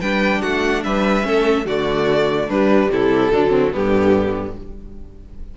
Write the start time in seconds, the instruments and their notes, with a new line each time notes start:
0.00 cello G3, viola D4, violin B4 G5
0.41 cello A3, violin F#4 F#5
0.83 cello G3, violin B4 E5
1.21 cello A3, viola C#4, violin A4
1.65 cello D3, viola A3, violin F#4 D5
2.47 cello G3, viola G3, violin D4 B4
2.89 cello C3, violin E4 A4
3.31 cello D3, viola F#3, violin D4
3.50 violin C4
3.72 cello G2, viola D3, violin B3 G4